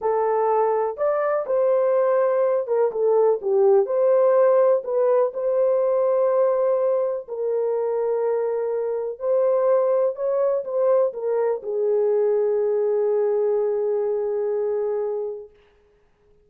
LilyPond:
\new Staff \with { instrumentName = "horn" } { \time 4/4 \tempo 4 = 124 a'2 d''4 c''4~ | c''4. ais'8 a'4 g'4 | c''2 b'4 c''4~ | c''2. ais'4~ |
ais'2. c''4~ | c''4 cis''4 c''4 ais'4 | gis'1~ | gis'1 | }